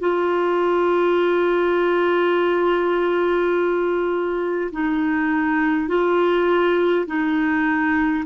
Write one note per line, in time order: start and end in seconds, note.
0.00 4.71 F4
4.72 5.88 D#4
5.88 7.06 F4
7.07 8.25 D#4